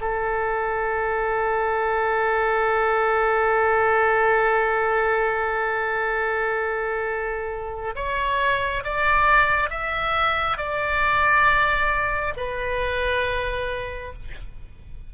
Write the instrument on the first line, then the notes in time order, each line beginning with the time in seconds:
oboe
0.00 A4
7.95 C#5
8.84 D5
9.69 E5
10.57 D5
12.36 B4